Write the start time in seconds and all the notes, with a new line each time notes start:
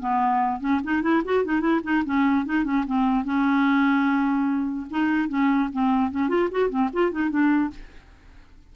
0.00 B3
0.60 C#4
0.84 D#4
1.02 E4
1.25 F#4
1.44 D#4
1.61 E4
1.84 D#4
2.05 C#4
2.46 D#4
2.64 C#4
2.87 C4
3.25 C#4
4.90 D#4
5.29 C#4
5.73 C4
6.11 C#4
6.29 F4
6.51 F#4
6.69 C4
6.93 F4
7.11 D#4
7.30 D4